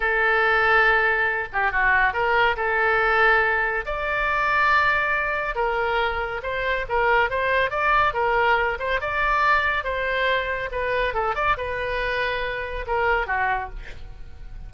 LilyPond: \new Staff \with { instrumentName = "oboe" } { \time 4/4 \tempo 4 = 140 a'2.~ a'8 g'8 | fis'4 ais'4 a'2~ | a'4 d''2.~ | d''4 ais'2 c''4 |
ais'4 c''4 d''4 ais'4~ | ais'8 c''8 d''2 c''4~ | c''4 b'4 a'8 d''8 b'4~ | b'2 ais'4 fis'4 | }